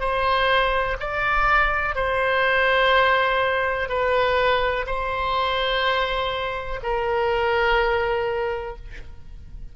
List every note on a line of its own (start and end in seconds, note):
0.00 0.97 C5
1.00 1.95 D5
1.95 3.89 C5
3.89 4.86 B4
4.86 6.80 C5
6.83 8.76 A#4